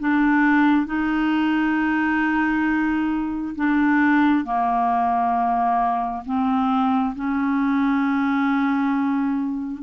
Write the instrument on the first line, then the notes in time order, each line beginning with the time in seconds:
clarinet
0.00 D4
0.86 D#4
3.55 D4
4.45 A#3
6.25 C4
7.16 C#4